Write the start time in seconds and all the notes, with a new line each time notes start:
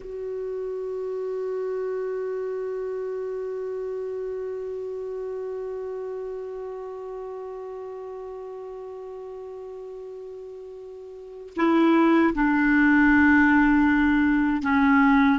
0.00 F#4
11.56 E4
12.34 D4
14.62 C#4